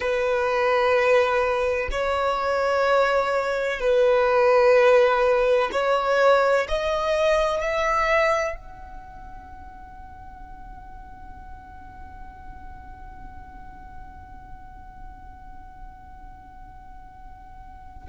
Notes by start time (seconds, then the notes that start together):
0.00 B4
1.90 C#5
3.80 B4
5.71 C#5
6.68 D#5
7.61 E5
8.55 F#5